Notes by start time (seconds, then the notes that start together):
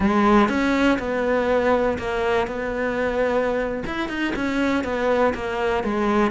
0.00 G#3
0.48 C#4
0.98 B3
1.98 A#3
2.47 B3
3.86 E4
4.08 D#4
4.35 C#4
4.83 B3
5.34 A#3
5.83 G#3